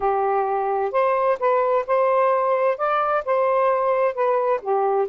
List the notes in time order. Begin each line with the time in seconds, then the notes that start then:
0.00 G4
0.91 C5
1.39 B4
1.87 C5
2.77 D5
3.25 C5
4.14 B4
4.61 G4